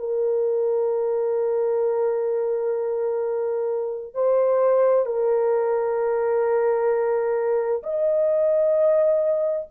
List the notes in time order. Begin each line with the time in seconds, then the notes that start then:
0.00 A#4
4.15 C5
5.06 A#4
7.83 D#5